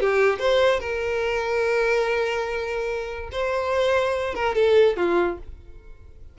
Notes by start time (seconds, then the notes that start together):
0.00 G4
0.39 C5
0.80 A#4
3.32 C5
4.34 A#4
4.55 A4
4.96 F4